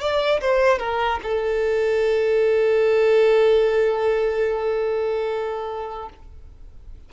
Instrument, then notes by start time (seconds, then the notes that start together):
violin
0.00 D5
0.41 C5
0.79 A#4
1.22 A4